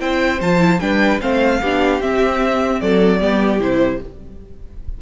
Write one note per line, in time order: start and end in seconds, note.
0.00 0.41 C4
0.00 0.40 E4
0.00 0.81 C5
0.00 0.41 G5
0.41 0.81 F3
0.41 0.59 F4
0.41 0.80 A5
0.59 0.79 E4
0.80 1.21 G3
0.80 1.21 D4
0.80 1.22 B4
0.80 1.20 G5
1.21 1.62 A3
1.21 1.61 C4
1.21 1.61 C5
1.21 2.02 F5
1.61 2.01 B3
1.61 2.01 D4
1.61 2.81 G4
2.01 2.81 C4
2.01 3.21 C4
2.01 2.81 E5
2.81 3.22 F#3
2.81 3.21 A4
2.81 3.61 D5
3.21 3.60 G3
3.21 3.60 B3
3.21 4.00 G4
3.60 4.00 C3
3.60 4.00 E4
3.60 4.02 C5